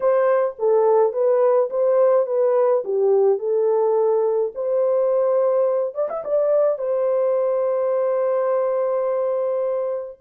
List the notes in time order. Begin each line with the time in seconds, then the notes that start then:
0.00 C5
0.58 A4
1.12 B4
1.70 C5
2.26 B4
2.84 G4
3.38 A4
4.54 C5
5.94 D5
6.09 E5
6.24 D5
6.78 C5